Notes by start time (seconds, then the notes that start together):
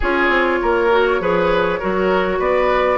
0.00 C#4 F4 G#4 C#5
0.29 C4
0.61 A#3 A#4
0.91 F#4
1.20 F3 G#4 B4
1.79 F#3 F#4 A#4
2.38 B3 B4 D5